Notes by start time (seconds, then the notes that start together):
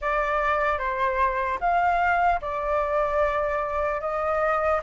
0.01 D5
0.78 C5
1.60 F5
2.41 D5
4.00 D#5